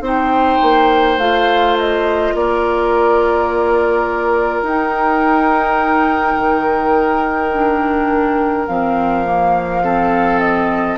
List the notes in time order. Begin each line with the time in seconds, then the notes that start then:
0.00 C4 D#4 C5
0.06 G5
0.62 A#3
1.17 A3 F4 F5
1.78 D#5
2.34 A#3 A#4 D5
4.62 D#4 G5
6.36 D#3
7.52 D4
8.66 F3 C4 F5
9.24 A#3
9.83 C4 A4
10.39 D#5